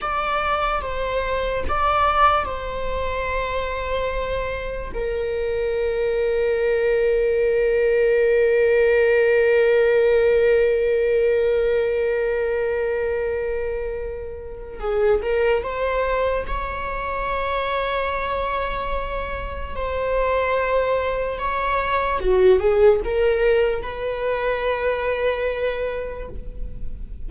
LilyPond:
\new Staff \with { instrumentName = "viola" } { \time 4/4 \tempo 4 = 73 d''4 c''4 d''4 c''4~ | c''2 ais'2~ | ais'1~ | ais'1~ |
ais'2 gis'8 ais'8 c''4 | cis''1 | c''2 cis''4 fis'8 gis'8 | ais'4 b'2. | }